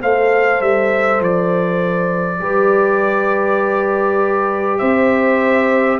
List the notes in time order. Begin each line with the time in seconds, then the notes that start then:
0.00 A3 A4 C5 F5
0.60 G3 E5
1.20 F3 D5
2.40 G3 G4 B4
4.78 C4 C5 E5